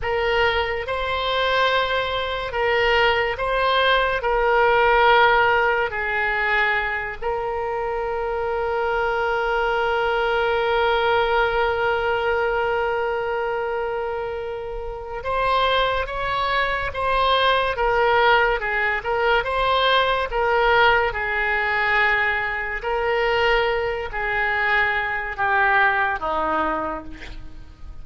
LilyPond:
\new Staff \with { instrumentName = "oboe" } { \time 4/4 \tempo 4 = 71 ais'4 c''2 ais'4 | c''4 ais'2 gis'4~ | gis'8 ais'2.~ ais'8~ | ais'1~ |
ais'2 c''4 cis''4 | c''4 ais'4 gis'8 ais'8 c''4 | ais'4 gis'2 ais'4~ | ais'8 gis'4. g'4 dis'4 | }